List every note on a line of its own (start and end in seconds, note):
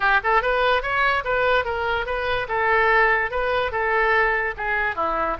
0.00 0.20 G4
0.23 0.41 A4
0.41 0.82 B4
0.82 1.23 C#5
1.24 1.64 B4
1.64 2.06 A#4
2.06 2.47 B4
2.48 3.30 A4
3.30 3.71 B4
3.71 4.54 A4
4.57 4.95 G#4
4.95 5.37 E4